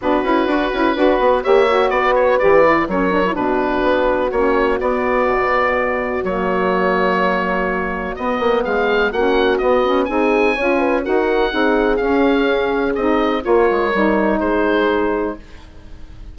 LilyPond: <<
  \new Staff \with { instrumentName = "oboe" } { \time 4/4 \tempo 4 = 125 b'2. e''4 | d''8 cis''8 d''4 cis''4 b'4~ | b'4 cis''4 d''2~ | d''4 cis''2.~ |
cis''4 dis''4 f''4 fis''4 | dis''4 gis''2 fis''4~ | fis''4 f''2 dis''4 | cis''2 c''2 | }
  \new Staff \with { instrumentName = "horn" } { \time 4/4 fis'2 b'4 cis''4 | b'2 ais'4 fis'4~ | fis'1~ | fis'1~ |
fis'2 gis'4 fis'4~ | fis'4 gis'4 cis''8 b'8 ais'4 | gis'1 | ais'2 gis'2 | }
  \new Staff \with { instrumentName = "saxophone" } { \time 4/4 d'8 e'8 fis'8 e'8 fis'4 g'8 fis'8~ | fis'4 g'8 e'8 cis'8 d'16 e'16 d'4~ | d'4 cis'4 b2~ | b4 ais2.~ |
ais4 b2 cis'4 | b8 cis'8 dis'4 f'4 fis'4 | dis'4 cis'2 dis'4 | f'4 dis'2. | }
  \new Staff \with { instrumentName = "bassoon" } { \time 4/4 b8 cis'8 d'8 cis'8 d'8 b8 ais4 | b4 e4 fis4 b,4 | b4 ais4 b4 b,4~ | b,4 fis2.~ |
fis4 b8 ais8 gis4 ais4 | b4 c'4 cis'4 dis'4 | c'4 cis'2 c'4 | ais8 gis8 g4 gis2 | }
>>